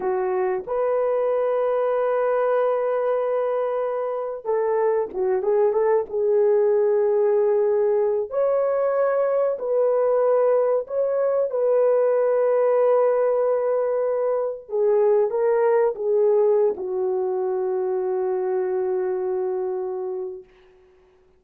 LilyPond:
\new Staff \with { instrumentName = "horn" } { \time 4/4 \tempo 4 = 94 fis'4 b'2.~ | b'2. a'4 | fis'8 gis'8 a'8 gis'2~ gis'8~ | gis'4 cis''2 b'4~ |
b'4 cis''4 b'2~ | b'2. gis'4 | ais'4 gis'4~ gis'16 fis'4.~ fis'16~ | fis'1 | }